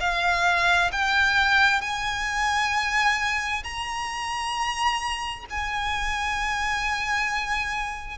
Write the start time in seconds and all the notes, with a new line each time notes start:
0.00 F5
0.92 G5
1.81 G#5
3.64 A#5
5.50 G#5